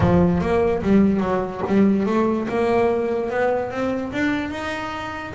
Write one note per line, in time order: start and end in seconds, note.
0.00 0.40 F3
0.41 0.82 A#3
0.82 1.20 G3
1.20 1.61 F#3
1.67 2.05 G3
2.05 2.47 A3
2.48 3.30 A#3
3.30 3.70 B3
3.70 4.12 C4
4.12 4.50 D4
4.50 5.32 D#4